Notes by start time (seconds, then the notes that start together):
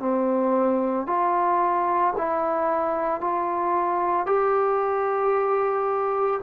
0.00 C4
1.07 F4
2.18 E4
3.21 F4
4.27 G4